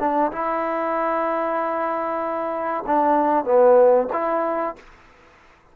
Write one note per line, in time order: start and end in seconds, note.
0.00 0.32 D4
0.32 2.85 E4
2.87 3.45 D4
3.45 4.08 B3
4.13 4.76 E4